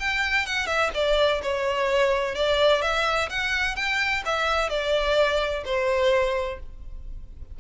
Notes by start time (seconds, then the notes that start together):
0.00 G5
0.47 F#5
0.67 E5
0.94 D5
1.43 C#5
2.36 D5
2.82 E5
3.30 F#5
3.76 G5
4.26 E5
4.69 D5
5.65 C5